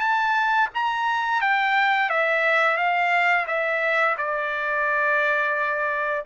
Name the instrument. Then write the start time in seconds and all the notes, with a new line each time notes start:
trumpet
0.00 A5
0.75 A#5
1.41 G5
2.10 E5
2.77 F5
3.47 E5
4.18 D5